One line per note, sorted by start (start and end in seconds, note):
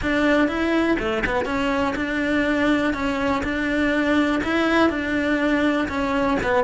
0.02 0.47 D4
0.47 0.97 E4
0.99 1.23 A3
1.26 1.45 B3
1.45 1.94 C#4
1.95 2.93 D4
2.93 3.42 C#4
3.43 4.42 D4
4.43 4.89 E4
4.89 5.87 D4
5.88 6.37 C#4
6.42 6.64 B3